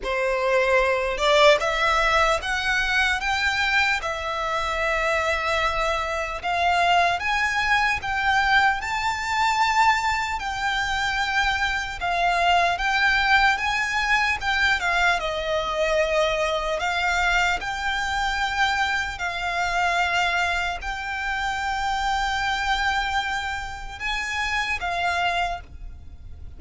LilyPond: \new Staff \with { instrumentName = "violin" } { \time 4/4 \tempo 4 = 75 c''4. d''8 e''4 fis''4 | g''4 e''2. | f''4 gis''4 g''4 a''4~ | a''4 g''2 f''4 |
g''4 gis''4 g''8 f''8 dis''4~ | dis''4 f''4 g''2 | f''2 g''2~ | g''2 gis''4 f''4 | }